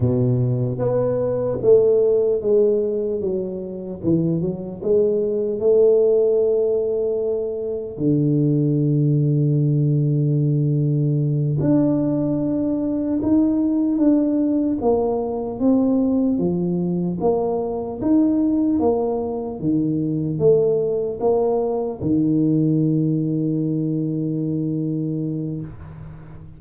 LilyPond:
\new Staff \with { instrumentName = "tuba" } { \time 4/4 \tempo 4 = 75 b,4 b4 a4 gis4 | fis4 e8 fis8 gis4 a4~ | a2 d2~ | d2~ d8 d'4.~ |
d'8 dis'4 d'4 ais4 c'8~ | c'8 f4 ais4 dis'4 ais8~ | ais8 dis4 a4 ais4 dis8~ | dis1 | }